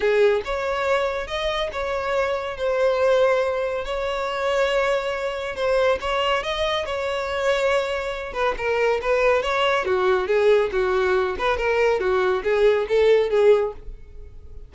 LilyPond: \new Staff \with { instrumentName = "violin" } { \time 4/4 \tempo 4 = 140 gis'4 cis''2 dis''4 | cis''2 c''2~ | c''4 cis''2.~ | cis''4 c''4 cis''4 dis''4 |
cis''2.~ cis''8 b'8 | ais'4 b'4 cis''4 fis'4 | gis'4 fis'4. b'8 ais'4 | fis'4 gis'4 a'4 gis'4 | }